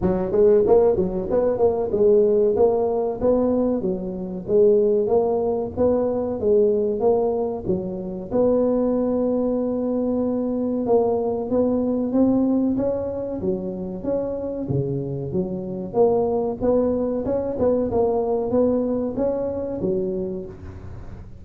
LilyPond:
\new Staff \with { instrumentName = "tuba" } { \time 4/4 \tempo 4 = 94 fis8 gis8 ais8 fis8 b8 ais8 gis4 | ais4 b4 fis4 gis4 | ais4 b4 gis4 ais4 | fis4 b2.~ |
b4 ais4 b4 c'4 | cis'4 fis4 cis'4 cis4 | fis4 ais4 b4 cis'8 b8 | ais4 b4 cis'4 fis4 | }